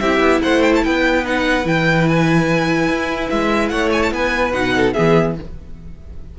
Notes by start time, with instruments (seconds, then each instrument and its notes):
0.00 cello C4, viola E4, violin G4 E5
0.20 cello B3
0.42 cello A3, violin C5 F#5
0.63 violin G5
0.76 violin A5
0.84 cello B3, violin B4 G5
1.24 viola D#4, violin F#5
1.64 cello E3, viola E4, violin G5
2.08 violin G#5
2.88 cello E4
3.30 cello G#3, violin E5
3.69 cello A3, violin C#5 F#5
3.93 violin G#5
4.03 violin A5
4.11 cello B3, violin B4 G#5
4.53 cello B2, viola D#4, violin F#5
4.76 violin A4
4.93 cello E3, viola B3, violin G#4 E5